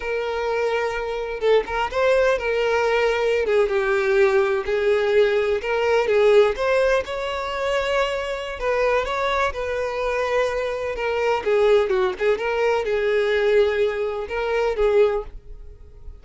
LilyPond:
\new Staff \with { instrumentName = "violin" } { \time 4/4 \tempo 4 = 126 ais'2. a'8 ais'8 | c''4 ais'2~ ais'16 gis'8 g'16~ | g'4.~ g'16 gis'2 ais'16~ | ais'8. gis'4 c''4 cis''4~ cis''16~ |
cis''2 b'4 cis''4 | b'2. ais'4 | gis'4 fis'8 gis'8 ais'4 gis'4~ | gis'2 ais'4 gis'4 | }